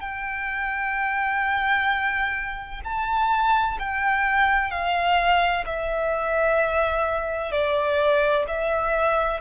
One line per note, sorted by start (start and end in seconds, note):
0.00 2.81 G5
2.84 3.78 A5
3.79 4.71 G5
4.71 5.65 F5
5.66 7.52 E5
7.52 8.45 D5
8.48 9.41 E5